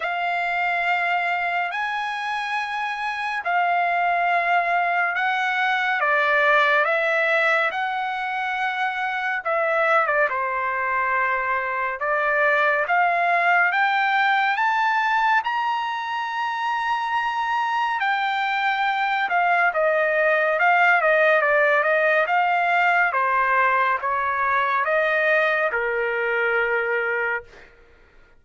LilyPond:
\new Staff \with { instrumentName = "trumpet" } { \time 4/4 \tempo 4 = 70 f''2 gis''2 | f''2 fis''4 d''4 | e''4 fis''2 e''8. d''16 | c''2 d''4 f''4 |
g''4 a''4 ais''2~ | ais''4 g''4. f''8 dis''4 | f''8 dis''8 d''8 dis''8 f''4 c''4 | cis''4 dis''4 ais'2 | }